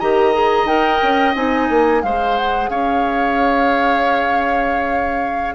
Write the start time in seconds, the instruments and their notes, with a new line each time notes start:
0.00 bassoon D#3, clarinet G4, oboe D#5, flute A#5
0.34 clarinet G#4
0.65 bassoon D#4, clarinet A#4, flute G5
1.03 bassoon C#4
1.36 bassoon C4, clarinet D#4, flute G#5
1.70 bassoon A#3
2.03 bassoon G#3, clarinet G#4, oboe C5, flute F5
2.37 flute F#5
2.70 bassoon C#4, oboe C#5, flute F5